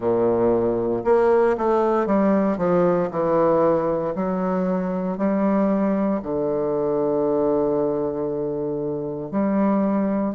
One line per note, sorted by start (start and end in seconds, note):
0.00 1.03 A#2
1.04 1.56 A#3
1.57 2.06 A3
2.06 2.57 G3
2.57 3.09 F3
3.10 4.14 E3
4.15 5.17 F#3
5.17 6.21 G3
6.22 9.31 D3
9.31 10.34 G3